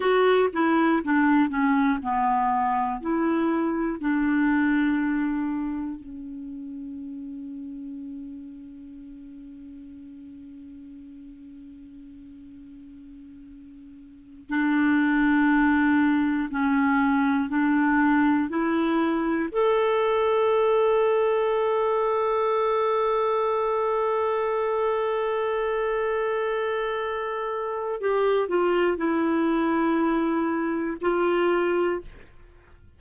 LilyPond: \new Staff \with { instrumentName = "clarinet" } { \time 4/4 \tempo 4 = 60 fis'8 e'8 d'8 cis'8 b4 e'4 | d'2 cis'2~ | cis'1~ | cis'2~ cis'8 d'4.~ |
d'8 cis'4 d'4 e'4 a'8~ | a'1~ | a'1 | g'8 f'8 e'2 f'4 | }